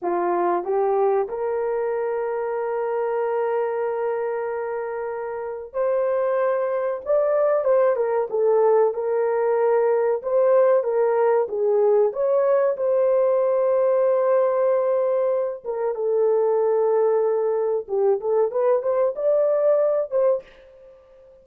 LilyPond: \new Staff \with { instrumentName = "horn" } { \time 4/4 \tempo 4 = 94 f'4 g'4 ais'2~ | ais'1~ | ais'4 c''2 d''4 | c''8 ais'8 a'4 ais'2 |
c''4 ais'4 gis'4 cis''4 | c''1~ | c''8 ais'8 a'2. | g'8 a'8 b'8 c''8 d''4. c''8 | }